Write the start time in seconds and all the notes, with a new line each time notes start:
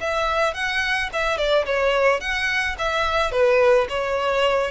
0.00 E5
0.54 F#5
1.12 E5
1.37 D5
1.65 C#5
2.20 F#5
2.78 E5
3.31 B4
3.89 C#5